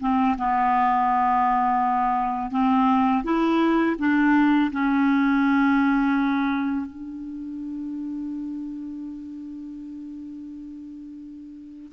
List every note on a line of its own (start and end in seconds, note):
0.00 0.36 C4
0.38 2.51 B3
2.51 3.23 C4
3.24 3.96 E4
3.99 4.71 D4
4.72 6.86 C#4
6.86 11.92 D4